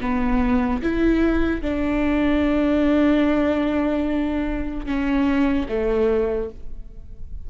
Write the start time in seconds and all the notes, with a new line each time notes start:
0.00 B3
0.82 E4
1.61 D4
4.85 C#4
5.68 A3